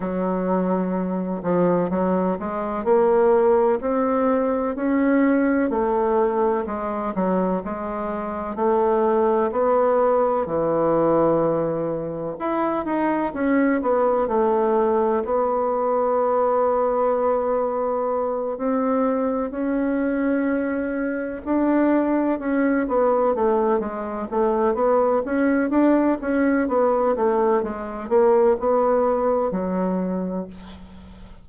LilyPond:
\new Staff \with { instrumentName = "bassoon" } { \time 4/4 \tempo 4 = 63 fis4. f8 fis8 gis8 ais4 | c'4 cis'4 a4 gis8 fis8 | gis4 a4 b4 e4~ | e4 e'8 dis'8 cis'8 b8 a4 |
b2.~ b8 c'8~ | c'8 cis'2 d'4 cis'8 | b8 a8 gis8 a8 b8 cis'8 d'8 cis'8 | b8 a8 gis8 ais8 b4 fis4 | }